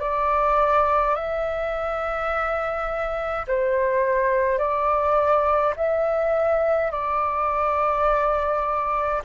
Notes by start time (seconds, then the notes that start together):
0.00 D5
1.15 E5
3.47 C5
4.58 D5
5.76 E5
6.91 D5